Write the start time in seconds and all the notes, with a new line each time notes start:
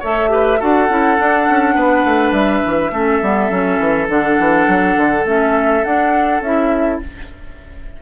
0.00 A3 A4 C#5 E5
0.29 G4 B4
0.60 D4 F#4 A4 F#5
0.89 C#4 E4
1.17 D4
1.49 C#4
1.75 B3 B4
2.05 A3
2.32 G3 E5
2.66 E3
2.91 A3 C#4 A4
3.22 G3 B3
3.50 F#3 C#4
3.79 E3
4.09 D3 D4 F#5
4.39 E3
4.67 F#3
4.97 D3
5.25 A3 C#4 E5
5.84 D4 F#5
6.41 C#4 E4 E5